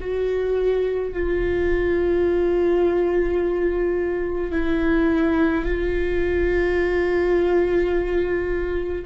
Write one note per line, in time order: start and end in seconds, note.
0.00 1.13 F#4
1.13 4.51 F4
4.51 5.64 E4
5.65 9.05 F4